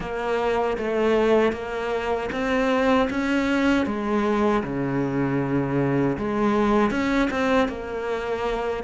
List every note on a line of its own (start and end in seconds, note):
0.00 0.77 A#3
0.77 1.52 A3
1.52 2.29 A#3
2.31 3.08 C4
3.10 3.86 C#4
3.86 4.63 G#3
4.63 6.17 C#3
6.17 6.90 G#3
6.90 7.29 C#4
7.30 7.68 C4
7.68 8.83 A#3